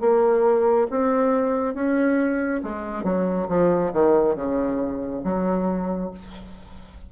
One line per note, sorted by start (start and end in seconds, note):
0.00 0.87 A#3
0.90 1.74 C4
1.74 2.61 C#4
2.63 3.03 G#3
3.03 3.47 F#3
3.48 3.92 F3
3.92 4.35 D#3
4.35 5.22 C#3
5.24 6.11 F#3